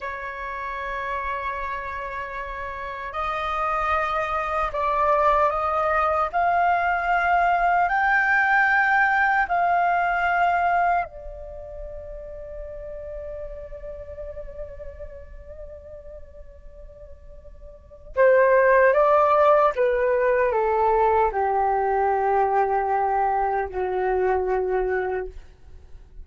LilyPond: \new Staff \with { instrumentName = "flute" } { \time 4/4 \tempo 4 = 76 cis''1 | dis''2 d''4 dis''4 | f''2 g''2 | f''2 d''2~ |
d''1~ | d''2. c''4 | d''4 b'4 a'4 g'4~ | g'2 fis'2 | }